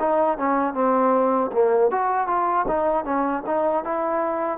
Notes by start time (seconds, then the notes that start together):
0.00 D#4
0.38 C#4
0.74 C4
1.53 A#3
1.91 F#4
2.28 F4
2.68 D#4
3.05 C#4
3.47 D#4
3.85 E4